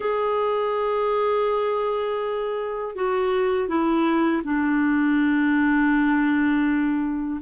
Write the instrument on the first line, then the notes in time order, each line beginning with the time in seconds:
clarinet
0.00 G#4
2.95 F#4
3.68 E4
4.44 D4